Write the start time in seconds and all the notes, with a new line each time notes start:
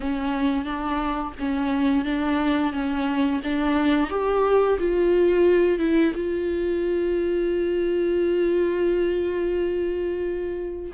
0.00 C#4
0.64 D4
1.39 C#4
2.04 D4
2.72 C#4
3.43 D4
4.10 G4
4.79 F4
5.78 E4
6.15 F4